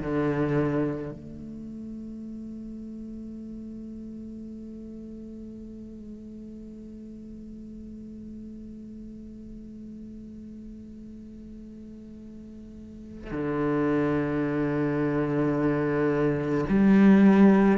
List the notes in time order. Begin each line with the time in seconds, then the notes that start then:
0.00 D3
1.12 A3
13.31 D3
16.69 G3